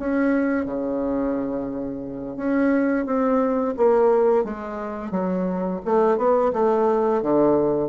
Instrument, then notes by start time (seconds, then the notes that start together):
bassoon
0.00 C#4
0.66 C#3
2.37 C#4
3.06 C4
3.77 A#3
4.45 G#3
5.12 F#3
5.85 A3
6.18 B3
6.54 A3
7.23 D3